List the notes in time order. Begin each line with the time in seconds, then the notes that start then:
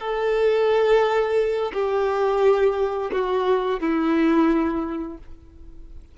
0.00 A4
1.73 G4
3.12 F#4
3.80 E4